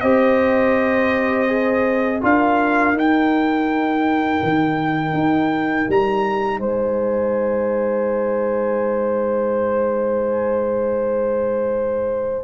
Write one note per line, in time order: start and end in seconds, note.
0.00 2.21 C4
0.00 1.48 G4
0.00 2.21 C5
0.00 2.20 D#5
1.48 2.21 G#4
2.21 2.93 D4
2.21 2.94 F4
2.21 6.59 A#4
2.21 2.97 F5
2.93 4.39 D#4
2.93 12.44 D#4
2.93 5.90 G5
4.43 5.13 D#3
5.13 5.86 D#4
5.88 6.58 G3
5.88 6.60 A#5
6.58 12.44 G#3
6.58 12.44 C5
6.58 12.44 G#5